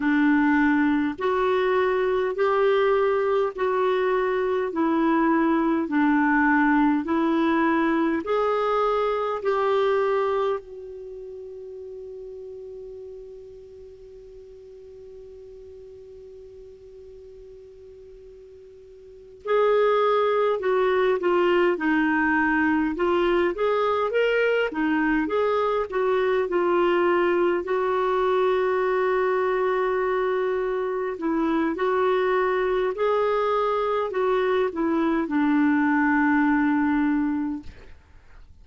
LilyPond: \new Staff \with { instrumentName = "clarinet" } { \time 4/4 \tempo 4 = 51 d'4 fis'4 g'4 fis'4 | e'4 d'4 e'4 gis'4 | g'4 fis'2.~ | fis'1~ |
fis'8 gis'4 fis'8 f'8 dis'4 f'8 | gis'8 ais'8 dis'8 gis'8 fis'8 f'4 fis'8~ | fis'2~ fis'8 e'8 fis'4 | gis'4 fis'8 e'8 d'2 | }